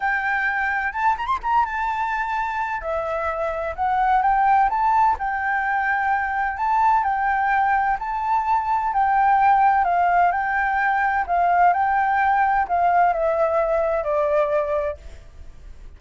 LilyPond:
\new Staff \with { instrumentName = "flute" } { \time 4/4 \tempo 4 = 128 g''2 a''8 ais''16 c'''16 ais''8 a''8~ | a''2 e''2 | fis''4 g''4 a''4 g''4~ | g''2 a''4 g''4~ |
g''4 a''2 g''4~ | g''4 f''4 g''2 | f''4 g''2 f''4 | e''2 d''2 | }